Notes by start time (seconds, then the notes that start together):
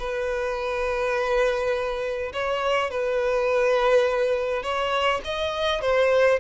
0.00 B4
2.34 C#5
2.91 B4
4.63 C#5
5.25 D#5
5.82 C5